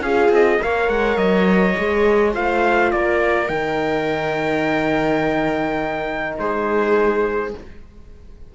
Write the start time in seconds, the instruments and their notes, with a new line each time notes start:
0.00 cello C#4, horn F4, viola G#4, trumpet F5
0.29 cello C4, trumpet D#5
0.60 cello A#3, horn A#4, viola C#5, trumpet F5
0.89 cello G#3, trumpet F#5
1.17 cello F#3, trumpet D#5
1.77 cello G#3, horn G#4
2.33 cello A3, horn F4, viola C5, trumpet F5
2.92 cello A#3, viola A#4, trumpet D5
3.48 cello D#3, horn D#4, trumpet G5
6.38 cello G#3, viola G#4, trumpet C5